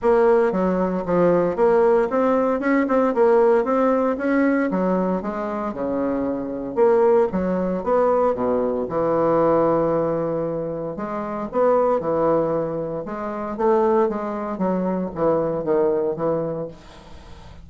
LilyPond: \new Staff \with { instrumentName = "bassoon" } { \time 4/4 \tempo 4 = 115 ais4 fis4 f4 ais4 | c'4 cis'8 c'8 ais4 c'4 | cis'4 fis4 gis4 cis4~ | cis4 ais4 fis4 b4 |
b,4 e2.~ | e4 gis4 b4 e4~ | e4 gis4 a4 gis4 | fis4 e4 dis4 e4 | }